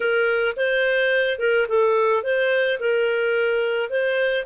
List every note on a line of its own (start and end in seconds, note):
0.00 0.55 A#4
0.56 1.38 C5
1.38 1.66 A#4
1.68 2.23 A4
2.23 2.78 C5
2.79 3.89 A#4
3.89 4.45 C5